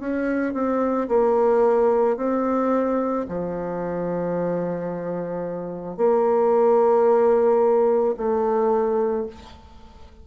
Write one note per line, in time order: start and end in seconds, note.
0.00 0.54 C#4
0.54 1.08 C4
1.08 2.17 A#3
2.17 3.26 C4
3.28 5.97 F3
5.97 8.15 A#3
8.17 9.26 A3